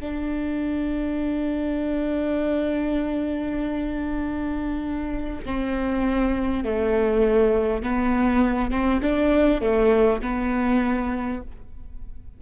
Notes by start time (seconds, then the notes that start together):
0.00 D4
5.45 C4
6.64 A3
7.83 B3
8.71 C4
9.02 D4
9.62 A3
10.22 B3